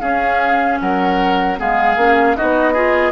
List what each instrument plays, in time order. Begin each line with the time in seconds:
0.00 bassoon C#4, clarinet C#4, oboe G#4, flute F5
0.79 bassoon F#3, oboe A#4, flute F#5
1.57 bassoon G#3, clarinet B3, oboe G#4, flute F5
1.96 bassoon A#3, clarinet C#4
2.36 bassoon B3, clarinet D#4, oboe F#4, flute D#5
2.73 clarinet F4, oboe G#4